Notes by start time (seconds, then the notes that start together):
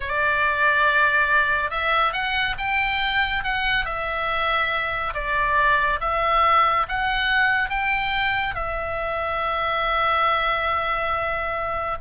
0.00 D5
1.70 E5
2.12 F#5
2.58 G5
3.43 F#5
3.85 E5
5.14 D5
6.00 E5
6.88 F#5
7.69 G5
8.54 E5